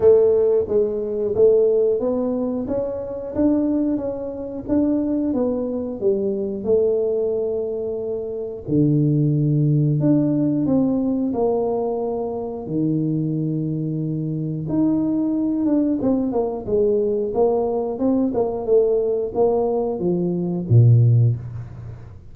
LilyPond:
\new Staff \with { instrumentName = "tuba" } { \time 4/4 \tempo 4 = 90 a4 gis4 a4 b4 | cis'4 d'4 cis'4 d'4 | b4 g4 a2~ | a4 d2 d'4 |
c'4 ais2 dis4~ | dis2 dis'4. d'8 | c'8 ais8 gis4 ais4 c'8 ais8 | a4 ais4 f4 ais,4 | }